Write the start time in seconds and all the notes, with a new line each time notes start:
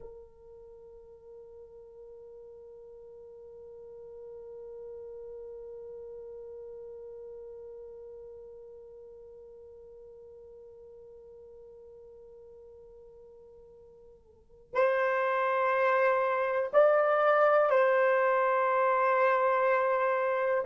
0.00 A#4
14.74 C5
16.73 D5
17.70 C5